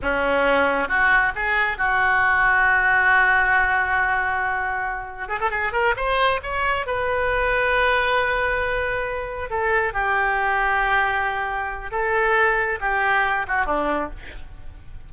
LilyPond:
\new Staff \with { instrumentName = "oboe" } { \time 4/4 \tempo 4 = 136 cis'2 fis'4 gis'4 | fis'1~ | fis'1 | gis'16 a'16 gis'8 ais'8 c''4 cis''4 b'8~ |
b'1~ | b'4. a'4 g'4.~ | g'2. a'4~ | a'4 g'4. fis'8 d'4 | }